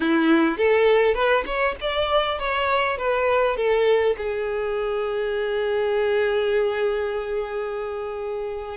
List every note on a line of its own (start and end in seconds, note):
0.00 0.57 E4
0.57 1.14 A4
1.14 1.44 B4
1.46 1.75 C#5
1.80 2.39 D5
2.39 2.97 C#5
2.97 3.56 B4
3.56 4.16 A4
4.17 8.77 G#4